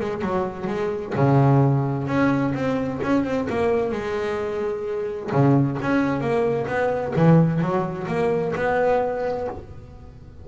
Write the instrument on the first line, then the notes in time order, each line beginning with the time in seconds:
double bass
0.00 G#3
0.22 F#3
0.67 G#3
1.16 C#3
2.07 C#4
2.54 C4
3.03 C#4
3.24 C4
3.49 A#3
3.92 G#3
5.32 C#3
5.82 C#4
6.21 A#3
6.67 B3
7.16 E3
7.61 F#3
8.07 A#3
8.56 B3